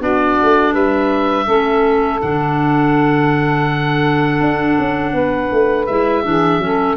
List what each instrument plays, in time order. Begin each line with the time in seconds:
0.00 tuba B3, clarinet D4, saxophone F#4, oboe D5
0.43 tuba A3
0.72 tuba G3, saxophone B4, oboe E5
1.45 tuba A3, clarinet C#4, saxophone A4
2.21 tuba D3, clarinet D4, oboe F#5
4.40 tuba D4
4.79 tuba C#4
5.13 tuba B3, saxophone B4
5.51 tuba A3
5.86 tuba G#3, clarinet E4, oboe E5
6.23 tuba E3, clarinet D4, saxophone G#4
6.58 tuba F#3, clarinet C#4, saxophone A4